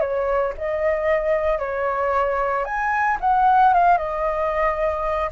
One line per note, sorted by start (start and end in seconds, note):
0.00 0.53 C#5
0.57 1.59 D#5
1.59 2.65 C#5
2.65 3.18 G#5
3.21 3.73 F#5
3.73 3.97 F5
3.97 5.30 D#5